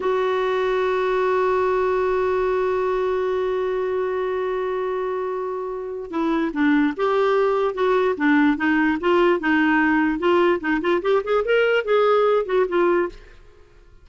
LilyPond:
\new Staff \with { instrumentName = "clarinet" } { \time 4/4 \tempo 4 = 147 fis'1~ | fis'1~ | fis'1~ | fis'2. e'4 |
d'4 g'2 fis'4 | d'4 dis'4 f'4 dis'4~ | dis'4 f'4 dis'8 f'8 g'8 gis'8 | ais'4 gis'4. fis'8 f'4 | }